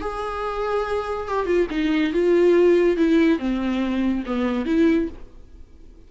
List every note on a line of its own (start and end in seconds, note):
0.00 1.27 G#4
1.27 1.45 G4
1.45 1.67 F4
1.70 2.12 D#4
2.12 2.96 F4
2.96 3.38 E4
3.38 4.23 C4
4.26 4.65 B3
4.65 5.08 E4